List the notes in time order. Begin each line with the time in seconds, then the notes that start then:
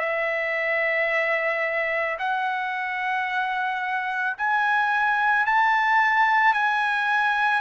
0.00 E5
2.19 F#5
4.38 G#5
5.46 A5
6.54 G#5